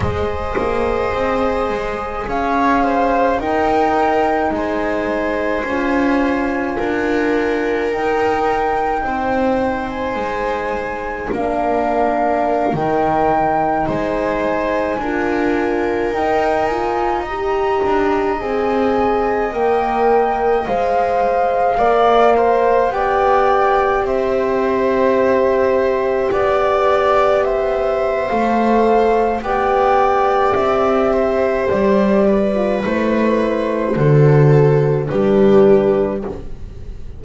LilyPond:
<<
  \new Staff \with { instrumentName = "flute" } { \time 4/4 \tempo 4 = 53 dis''2 f''4 g''4 | gis''2. g''4~ | g''8. gis''4~ gis''16 f''4~ f''16 g''8.~ | g''16 gis''2 g''8 gis''8 ais''8.~ |
ais''16 gis''4 g''4 f''4.~ f''16~ | f''16 g''4 e''2 d''8.~ | d''16 e''8. f''4 g''4 e''4 | d''4 c''2 b'4 | }
  \new Staff \with { instrumentName = "viola" } { \time 4/4 c''2 cis''8 c''8 ais'4 | c''2 ais'2 | c''2 ais'2~ | ais'16 c''4 ais'2 dis''8.~ |
dis''2.~ dis''16 d''8 c''16~ | c''16 d''4 c''2 d''8.~ | d''16 c''4.~ c''16 d''4. c''8~ | c''8 b'4. a'4 g'4 | }
  \new Staff \with { instrumentName = "horn" } { \time 4/4 gis'2. dis'4~ | dis'4 f'2 dis'4~ | dis'2 d'4~ d'16 dis'8.~ | dis'4~ dis'16 f'4 dis'8 f'8 g'8.~ |
g'16 gis'4 ais'4 c''4 ais'8.~ | ais'16 g'2.~ g'8.~ | g'4 a'4 g'2~ | g'8. f'16 e'4 fis'4 d'4 | }
  \new Staff \with { instrumentName = "double bass" } { \time 4/4 gis8 ais8 c'8 gis8 cis'4 dis'4 | gis4 cis'4 d'4 dis'4 | c'4 gis4 ais4~ ais16 dis8.~ | dis16 gis4 d'4 dis'4. d'16~ |
d'16 c'4 ais4 gis4 ais8.~ | ais16 b4 c'2 b8.~ | b4 a4 b4 c'4 | g4 a4 d4 g4 | }
>>